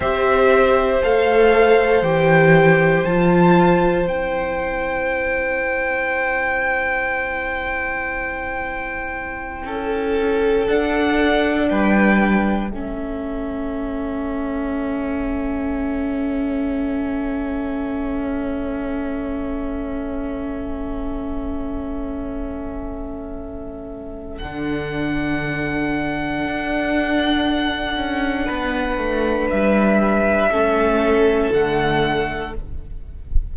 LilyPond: <<
  \new Staff \with { instrumentName = "violin" } { \time 4/4 \tempo 4 = 59 e''4 f''4 g''4 a''4 | g''1~ | g''2~ g''8 fis''4 g''8~ | g''8 e''2.~ e''8~ |
e''1~ | e''1 | fis''1~ | fis''4 e''2 fis''4 | }
  \new Staff \with { instrumentName = "violin" } { \time 4/4 c''1~ | c''1~ | c''4. a'2 b'8~ | b'8 a'2.~ a'8~ |
a'1~ | a'1~ | a'1 | b'2 a'2 | }
  \new Staff \with { instrumentName = "viola" } { \time 4/4 g'4 a'4 g'4 f'4 | e'1~ | e'2~ e'8 d'4.~ | d'8 cis'2.~ cis'8~ |
cis'1~ | cis'1 | d'1~ | d'2 cis'4 a4 | }
  \new Staff \with { instrumentName = "cello" } { \time 4/4 c'4 a4 e4 f4 | c'1~ | c'4. cis'4 d'4 g8~ | g8 a2.~ a8~ |
a1~ | a1 | d2 d'4. cis'8 | b8 a8 g4 a4 d4 | }
>>